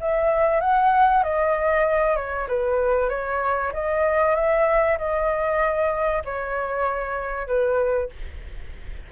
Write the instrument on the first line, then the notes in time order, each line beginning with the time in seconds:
flute
0.00 E5
0.60 F#5
1.23 D#5
2.16 C#5
2.48 B4
3.09 C#5
3.73 D#5
4.35 E5
4.98 D#5
6.25 C#5
7.47 B4